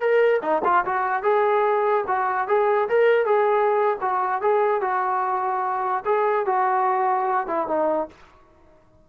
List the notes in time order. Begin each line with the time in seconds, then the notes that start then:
0.00 A#4
0.42 D#4
0.64 F4
0.85 F#4
1.22 G#4
2.07 F#4
2.47 G#4
2.88 A#4
3.25 G#4
4.01 F#4
4.41 G#4
4.81 F#4
6.05 G#4
6.46 F#4
7.47 E4
7.67 D#4